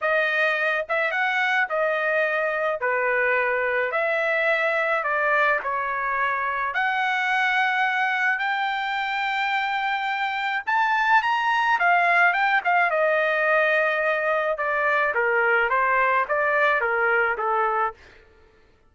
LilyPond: \new Staff \with { instrumentName = "trumpet" } { \time 4/4 \tempo 4 = 107 dis''4. e''8 fis''4 dis''4~ | dis''4 b'2 e''4~ | e''4 d''4 cis''2 | fis''2. g''4~ |
g''2. a''4 | ais''4 f''4 g''8 f''8 dis''4~ | dis''2 d''4 ais'4 | c''4 d''4 ais'4 a'4 | }